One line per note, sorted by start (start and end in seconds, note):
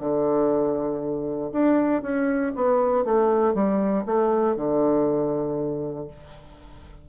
0.00 1.51 D3
1.52 2.02 D4
2.02 2.53 C#4
2.56 3.05 B3
3.05 3.55 A3
3.55 4.05 G3
4.06 4.56 A3
4.56 6.08 D3